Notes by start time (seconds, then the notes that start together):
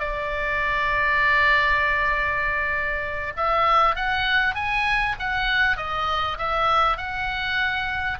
0.00 D5
3.37 E5
3.96 F#5
4.55 G#5
5.20 F#5
5.77 D#5
6.38 E5
6.98 F#5